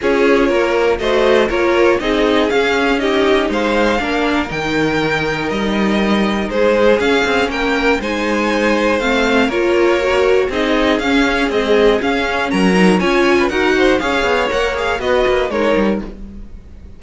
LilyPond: <<
  \new Staff \with { instrumentName = "violin" } { \time 4/4 \tempo 4 = 120 cis''2 dis''4 cis''4 | dis''4 f''4 dis''4 f''4~ | f''4 g''2 dis''4~ | dis''4 c''4 f''4 g''4 |
gis''2 f''4 cis''4~ | cis''4 dis''4 f''4 dis''4 | f''4 ais''4 gis''4 fis''4 | f''4 fis''8 f''8 dis''4 cis''4 | }
  \new Staff \with { instrumentName = "violin" } { \time 4/4 gis'4 ais'4 c''4 ais'4 | gis'2 g'4 c''4 | ais'1~ | ais'4 gis'2 ais'4 |
c''2. ais'4~ | ais'4 gis'2.~ | gis'4 ais'4 cis''8. b'16 ais'8 c''8 | cis''2 b'4 ais'4 | }
  \new Staff \with { instrumentName = "viola" } { \time 4/4 f'2 fis'4 f'4 | dis'4 cis'4 dis'2 | d'4 dis'2.~ | dis'2 cis'2 |
dis'2 c'4 f'4 | fis'4 dis'4 cis'4 gis4 | cis'4. dis'8 f'4 fis'4 | gis'4 ais'8 gis'8 fis'4 dis'4 | }
  \new Staff \with { instrumentName = "cello" } { \time 4/4 cis'4 ais4 a4 ais4 | c'4 cis'2 gis4 | ais4 dis2 g4~ | g4 gis4 cis'8 c'8 ais4 |
gis2 a4 ais4~ | ais4 c'4 cis'4 c'4 | cis'4 fis4 cis'4 dis'4 | cis'8 b8 ais4 b8 ais8 gis8 g8 | }
>>